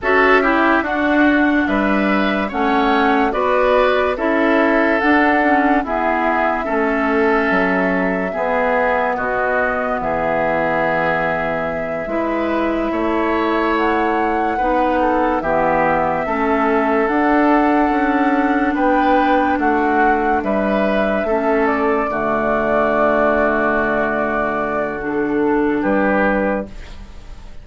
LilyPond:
<<
  \new Staff \with { instrumentName = "flute" } { \time 4/4 \tempo 4 = 72 e''4 fis''4 e''4 fis''4 | d''4 e''4 fis''4 e''4~ | e''2. dis''4 | e''1~ |
e''8 fis''2 e''4.~ | e''8 fis''2 g''4 fis''8~ | fis''8 e''4. d''2~ | d''2 a'4 b'4 | }
  \new Staff \with { instrumentName = "oboe" } { \time 4/4 a'8 g'8 fis'4 b'4 cis''4 | b'4 a'2 gis'4 | a'2 gis'4 fis'4 | gis'2~ gis'8 b'4 cis''8~ |
cis''4. b'8 a'8 g'4 a'8~ | a'2~ a'8 b'4 fis'8~ | fis'8 b'4 a'4 fis'4.~ | fis'2. g'4 | }
  \new Staff \with { instrumentName = "clarinet" } { \time 4/4 fis'8 e'8 d'2 cis'4 | fis'4 e'4 d'8 cis'8 b4 | cis'2 b2~ | b2~ b8 e'4.~ |
e'4. dis'4 b4 cis'8~ | cis'8 d'2.~ d'8~ | d'4. cis'4 a4.~ | a2 d'2 | }
  \new Staff \with { instrumentName = "bassoon" } { \time 4/4 cis'4 d'4 g4 a4 | b4 cis'4 d'4 e'4 | a4 fis4 b4 b,4 | e2~ e8 gis4 a8~ |
a4. b4 e4 a8~ | a8 d'4 cis'4 b4 a8~ | a8 g4 a4 d4.~ | d2. g4 | }
>>